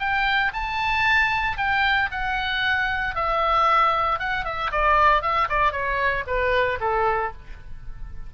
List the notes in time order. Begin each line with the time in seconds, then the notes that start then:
0.00 G5
0.54 A5
1.58 G5
2.12 F#5
3.16 E5
4.20 F#5
4.45 E5
4.72 D5
5.22 E5
5.49 D5
5.72 C#5
6.27 B4
6.81 A4